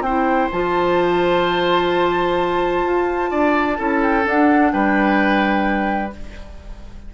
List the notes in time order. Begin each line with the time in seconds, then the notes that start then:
0.00 C4 E4 C5 G5
0.51 F3 F4 A5
2.84 F4
3.30 D4 D5
3.77 C#4 E4 A4
4.02 G5
4.22 D4 F#5
4.72 G3 B4 G5